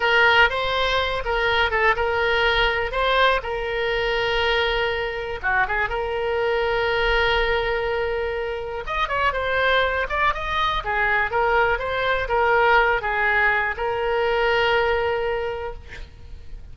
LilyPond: \new Staff \with { instrumentName = "oboe" } { \time 4/4 \tempo 4 = 122 ais'4 c''4. ais'4 a'8 | ais'2 c''4 ais'4~ | ais'2. fis'8 gis'8 | ais'1~ |
ais'2 dis''8 cis''8 c''4~ | c''8 d''8 dis''4 gis'4 ais'4 | c''4 ais'4. gis'4. | ais'1 | }